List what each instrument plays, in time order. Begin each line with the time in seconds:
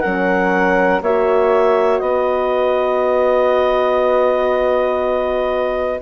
0.00 bassoon F#3, horn C#4, flute A#4, clarinet F#5
1.01 bassoon A#3, horn F#4, flute C#5, clarinet E5
1.99 bassoon B3, flute B4, clarinet D#5